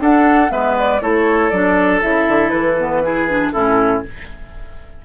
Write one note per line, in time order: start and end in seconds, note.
0.00 0.50 D4
0.00 0.51 D4
0.00 0.52 A4
0.00 0.51 F#5
0.50 1.01 G#3
0.50 1.00 B3
0.50 1.02 B4
0.50 0.76 E5
0.79 1.03 D5
1.01 1.52 A3
1.01 1.52 E4
1.01 3.04 A4
1.01 1.50 C#5
1.50 2.02 F#3
1.50 2.02 D4
1.50 2.01 D5
2.02 2.28 C#3
2.02 2.78 E4
2.02 2.50 E5
2.28 2.52 D3
2.50 3.52 E3
2.50 3.51 B4
2.78 3.03 B3
3.03 3.28 E4
3.03 3.53 G#4
3.29 3.54 D4
3.52 4.05 A2
3.52 4.04 C#4
3.52 4.03 E4
3.52 4.03 A4